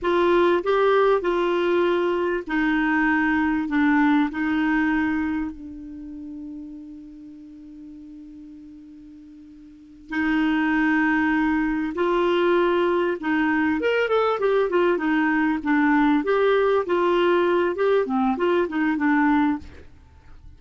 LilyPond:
\new Staff \with { instrumentName = "clarinet" } { \time 4/4 \tempo 4 = 98 f'4 g'4 f'2 | dis'2 d'4 dis'4~ | dis'4 d'2.~ | d'1~ |
d'8 dis'2. f'8~ | f'4. dis'4 ais'8 a'8 g'8 | f'8 dis'4 d'4 g'4 f'8~ | f'4 g'8 c'8 f'8 dis'8 d'4 | }